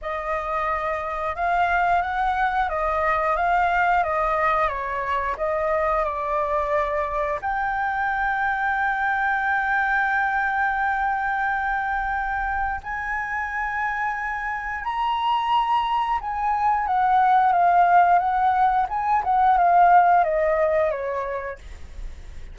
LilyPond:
\new Staff \with { instrumentName = "flute" } { \time 4/4 \tempo 4 = 89 dis''2 f''4 fis''4 | dis''4 f''4 dis''4 cis''4 | dis''4 d''2 g''4~ | g''1~ |
g''2. gis''4~ | gis''2 ais''2 | gis''4 fis''4 f''4 fis''4 | gis''8 fis''8 f''4 dis''4 cis''4 | }